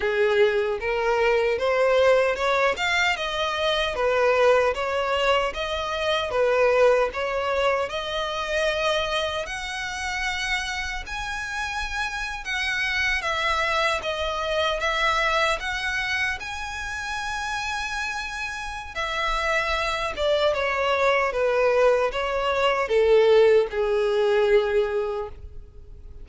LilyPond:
\new Staff \with { instrumentName = "violin" } { \time 4/4 \tempo 4 = 76 gis'4 ais'4 c''4 cis''8 f''8 | dis''4 b'4 cis''4 dis''4 | b'4 cis''4 dis''2 | fis''2 gis''4.~ gis''16 fis''16~ |
fis''8. e''4 dis''4 e''4 fis''16~ | fis''8. gis''2.~ gis''16 | e''4. d''8 cis''4 b'4 | cis''4 a'4 gis'2 | }